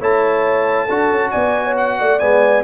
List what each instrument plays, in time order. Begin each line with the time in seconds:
0.00 tuba A3, trombone E4, horn C#5, trumpet A5
0.86 tuba D4, trombone F#4, horn A4
1.11 tuba C#4
1.31 tuba B3, horn D5, trumpet G#5
1.65 horn C#5
1.77 trumpet F#5
2.00 tuba A3, horn D5
2.19 tuba G#3, trombone B3, trumpet G#5